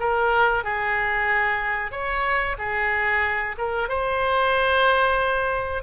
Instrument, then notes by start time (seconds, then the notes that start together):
oboe
0.00 A#4
0.64 G#4
1.92 C#5
2.58 G#4
3.58 A#4
3.89 C5